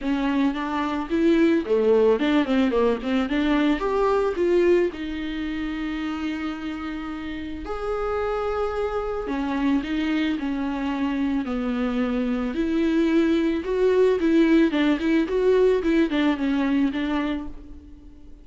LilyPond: \new Staff \with { instrumentName = "viola" } { \time 4/4 \tempo 4 = 110 cis'4 d'4 e'4 a4 | d'8 c'8 ais8 c'8 d'4 g'4 | f'4 dis'2.~ | dis'2 gis'2~ |
gis'4 cis'4 dis'4 cis'4~ | cis'4 b2 e'4~ | e'4 fis'4 e'4 d'8 e'8 | fis'4 e'8 d'8 cis'4 d'4 | }